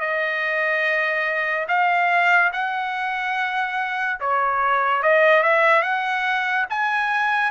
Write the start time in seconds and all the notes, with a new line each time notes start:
0.00 D#5
1.68 F5
2.53 F#5
4.20 C#5
5.02 D#5
5.43 E5
5.82 F#5
6.69 G#5